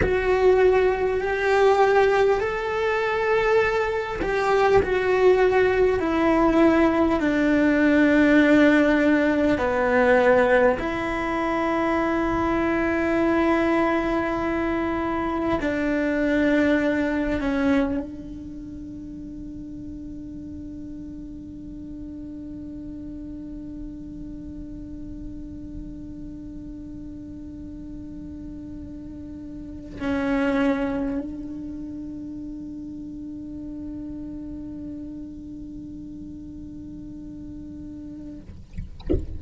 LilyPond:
\new Staff \with { instrumentName = "cello" } { \time 4/4 \tempo 4 = 50 fis'4 g'4 a'4. g'8 | fis'4 e'4 d'2 | b4 e'2.~ | e'4 d'4. cis'8 d'4~ |
d'1~ | d'1~ | d'4 cis'4 d'2~ | d'1 | }